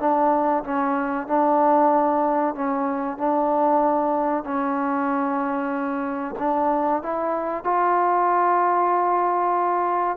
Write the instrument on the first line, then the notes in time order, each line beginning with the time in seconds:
trombone
0.00 D4
0.64 C#4
1.27 D4
2.55 C#4
3.18 D4
4.44 C#4
6.39 D4
7.03 E4
7.64 F4